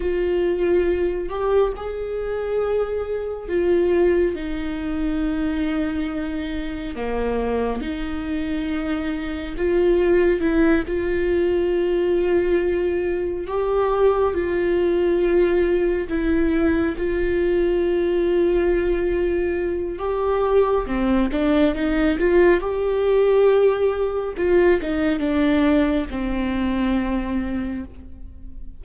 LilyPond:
\new Staff \with { instrumentName = "viola" } { \time 4/4 \tempo 4 = 69 f'4. g'8 gis'2 | f'4 dis'2. | ais4 dis'2 f'4 | e'8 f'2. g'8~ |
g'8 f'2 e'4 f'8~ | f'2. g'4 | c'8 d'8 dis'8 f'8 g'2 | f'8 dis'8 d'4 c'2 | }